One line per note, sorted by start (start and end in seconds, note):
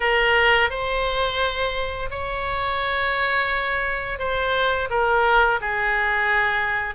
0.00 0.69 A#4
0.69 2.09 C5
2.10 4.19 C#5
4.19 4.88 C5
4.90 5.59 A#4
5.60 6.94 G#4